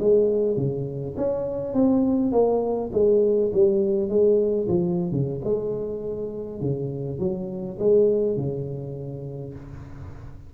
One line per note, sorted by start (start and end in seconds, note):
0.00 0.57 G#3
0.57 1.16 C#3
1.17 1.74 C#4
1.74 2.32 C4
2.32 2.91 A#3
2.93 3.52 G#3
3.54 4.09 G3
4.09 4.68 G#3
4.68 5.12 F3
5.12 5.41 C#3
5.45 6.61 G#3
6.61 7.19 C#3
7.19 7.78 F#3
7.79 8.37 G#3
8.37 9.55 C#3